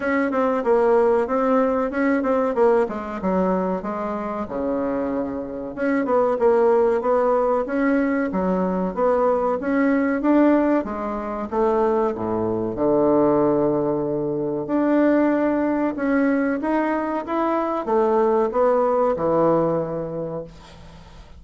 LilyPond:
\new Staff \with { instrumentName = "bassoon" } { \time 4/4 \tempo 4 = 94 cis'8 c'8 ais4 c'4 cis'8 c'8 | ais8 gis8 fis4 gis4 cis4~ | cis4 cis'8 b8 ais4 b4 | cis'4 fis4 b4 cis'4 |
d'4 gis4 a4 a,4 | d2. d'4~ | d'4 cis'4 dis'4 e'4 | a4 b4 e2 | }